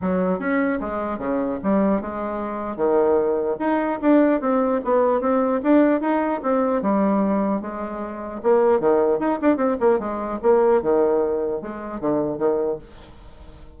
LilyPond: \new Staff \with { instrumentName = "bassoon" } { \time 4/4 \tempo 4 = 150 fis4 cis'4 gis4 cis4 | g4 gis2 dis4~ | dis4 dis'4 d'4 c'4 | b4 c'4 d'4 dis'4 |
c'4 g2 gis4~ | gis4 ais4 dis4 dis'8 d'8 | c'8 ais8 gis4 ais4 dis4~ | dis4 gis4 d4 dis4 | }